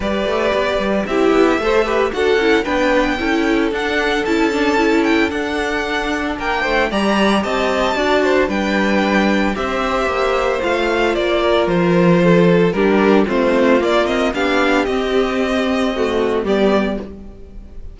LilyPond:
<<
  \new Staff \with { instrumentName = "violin" } { \time 4/4 \tempo 4 = 113 d''2 e''2 | fis''4 g''2 fis''4 | a''4. g''8 fis''2 | g''4 ais''4 a''2 |
g''2 e''2 | f''4 d''4 c''2 | ais'4 c''4 d''8 dis''8 f''4 | dis''2. d''4 | }
  \new Staff \with { instrumentName = "violin" } { \time 4/4 b'2 g'4 c''8 b'8 | a'4 b'4 a'2~ | a'1 | ais'8 c''8 d''4 dis''4 d''8 c''8 |
b'2 c''2~ | c''4. ais'4. a'4 | g'4 f'2 g'4~ | g'2 fis'4 g'4 | }
  \new Staff \with { instrumentName = "viola" } { \time 4/4 g'2 e'4 a'8 g'8 | fis'8 e'8 d'4 e'4 d'4 | e'8 d'8 e'4 d'2~ | d'4 g'2 fis'4 |
d'2 g'2 | f'1 | d'4 c'4 ais8 c'8 d'4 | c'2 a4 b4 | }
  \new Staff \with { instrumentName = "cello" } { \time 4/4 g8 a8 b8 g8 c'8 b8 a4 | d'8 cis'8 b4 cis'4 d'4 | cis'2 d'2 | ais8 a8 g4 c'4 d'4 |
g2 c'4 ais4 | a4 ais4 f2 | g4 a4 ais4 b4 | c'2. g4 | }
>>